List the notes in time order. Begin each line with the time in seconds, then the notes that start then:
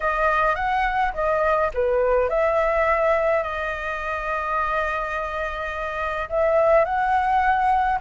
0.00 D#5
0.55 F#5
1.13 D#5
1.74 B4
2.29 E5
3.43 D#5
6.29 E5
6.84 F#5